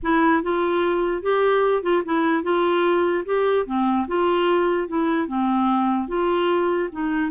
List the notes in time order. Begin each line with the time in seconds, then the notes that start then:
0.02 E4
0.42 F4
1.22 G4
1.82 F4
2.05 E4
2.43 F4
3.25 G4
3.66 C4
4.07 F4
4.87 E4
5.27 C4
6.08 F4
6.92 D#4